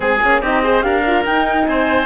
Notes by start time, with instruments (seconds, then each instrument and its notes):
0.00 cello G#3, horn C4, oboe G#4, flute G#4
0.22 cello A#3, horn C#4
0.41 cello C4, horn D#4, oboe G4, flute D#5
0.62 horn G#4, oboe C5
0.81 cello D4, horn G4, oboe A#4, flute F5
1.06 horn F4
1.25 cello D#4, horn D#4, flute G5
1.65 cello C4, oboe C5, flute G#5